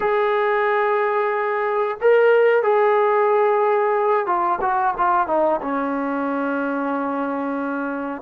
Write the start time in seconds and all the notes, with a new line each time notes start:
0.00 G#4
2.01 A#4
2.62 G#4
4.26 F4
4.61 F#4
4.97 F4
5.27 D#4
5.61 C#4